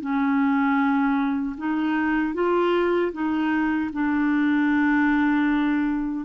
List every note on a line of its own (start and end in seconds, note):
0.00 1.56 C#4
1.57 2.33 D#4
2.33 3.11 F4
3.12 3.90 D#4
3.92 6.25 D4